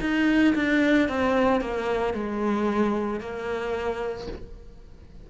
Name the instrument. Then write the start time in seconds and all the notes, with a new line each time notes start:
cello
0.00 D#4
0.55 D4
1.08 C4
1.61 A#3
2.13 G#3
3.20 A#3